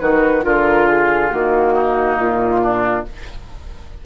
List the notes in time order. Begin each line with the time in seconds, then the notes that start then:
0.00 D#3 D#4 F#4 B4
0.42 D3 F4 A#4
0.88 G#4
1.30 D#3 A#3 F#4
1.74 D#4
2.18 A#2 F4
2.62 D4